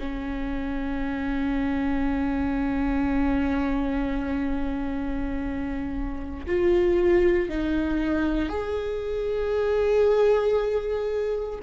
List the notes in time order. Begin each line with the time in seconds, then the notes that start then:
0.00 C#4
6.47 F4
7.50 D#4
8.50 G#4